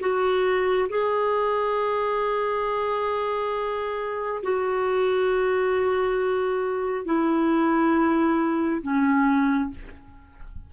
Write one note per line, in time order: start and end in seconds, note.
0.00 0.88 F#4
0.89 4.42 G#4
4.43 7.05 F#4
7.05 8.82 E4
8.82 9.70 C#4